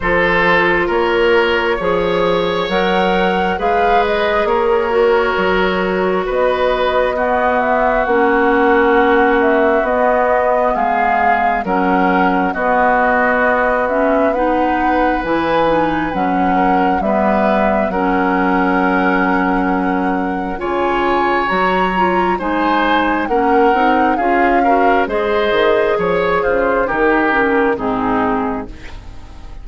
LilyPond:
<<
  \new Staff \with { instrumentName = "flute" } { \time 4/4 \tempo 4 = 67 c''4 cis''2 fis''4 | f''8 dis''8 cis''2 dis''4~ | dis''8 e''8 fis''4. e''8 dis''4 | f''4 fis''4 dis''4. e''8 |
fis''4 gis''4 fis''4 e''4 | fis''2. gis''4 | ais''4 gis''4 fis''4 f''4 | dis''4 cis''8 c''8 ais'4 gis'4 | }
  \new Staff \with { instrumentName = "oboe" } { \time 4/4 a'4 ais'4 cis''2 | b'4 ais'2 b'4 | fis'1 | gis'4 ais'4 fis'2 |
b'2~ b'8 ais'8 b'4 | ais'2. cis''4~ | cis''4 c''4 ais'4 gis'8 ais'8 | c''4 cis''8 f'8 g'4 dis'4 | }
  \new Staff \with { instrumentName = "clarinet" } { \time 4/4 f'2 gis'4 ais'4 | gis'4. fis'2~ fis'8 | b4 cis'2 b4~ | b4 cis'4 b4. cis'8 |
dis'4 e'8 dis'8 cis'4 b4 | cis'2. f'4 | fis'8 f'8 dis'4 cis'8 dis'8 f'8 fis'8 | gis'2 dis'8 cis'8 c'4 | }
  \new Staff \with { instrumentName = "bassoon" } { \time 4/4 f4 ais4 f4 fis4 | gis4 ais4 fis4 b4~ | b4 ais2 b4 | gis4 fis4 b2~ |
b4 e4 fis4 g4 | fis2. cis4 | fis4 gis4 ais8 c'8 cis'4 | gis8 dis8 f8 cis8 dis4 gis,4 | }
>>